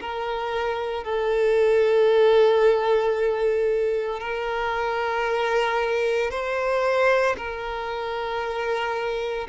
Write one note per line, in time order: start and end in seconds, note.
0.00 1.04 A#4
1.04 4.20 A4
4.20 6.30 A#4
6.30 7.35 C5
7.37 9.47 A#4